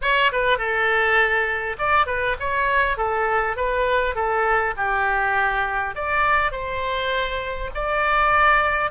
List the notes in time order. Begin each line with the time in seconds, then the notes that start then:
0.01 C#5
0.32 B4
0.58 A4
1.78 D5
2.06 B4
2.39 C#5
2.97 A4
3.56 B4
4.15 A4
4.77 G4
5.95 D5
6.51 C5
7.74 D5